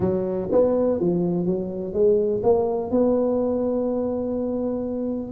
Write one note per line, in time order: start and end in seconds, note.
0.00 0.48 F#3
0.51 1.00 B3
1.00 1.45 F3
1.45 1.93 F#3
1.93 2.41 G#3
2.43 2.90 A#3
2.90 5.32 B3